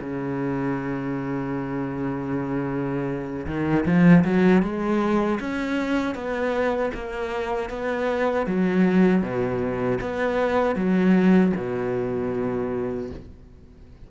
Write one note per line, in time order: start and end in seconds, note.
0.00 3.46 C#3
3.47 3.85 D#3
3.86 4.24 F3
4.24 4.62 F#3
4.62 5.39 G#3
5.40 6.15 C#4
6.15 6.92 B3
6.94 7.70 A#3
7.70 8.47 B3
8.47 9.22 F#3
9.22 9.99 B2
10.01 10.76 B3
10.76 11.52 F#3
11.57 13.10 B2